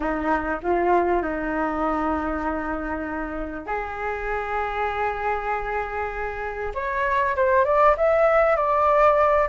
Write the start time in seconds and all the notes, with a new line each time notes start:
0.00 D#4
0.63 F4
1.22 D#4
3.66 G#4
6.74 C#5
7.36 C5
7.64 D5
7.97 E5
8.56 D5